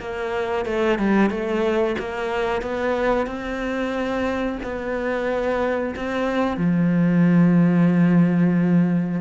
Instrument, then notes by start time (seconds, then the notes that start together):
cello
0.00 A#3
0.66 A3
0.99 G3
1.30 A3
1.99 A#3
2.62 B3
3.27 C4
4.63 B3
5.96 C4
6.57 F3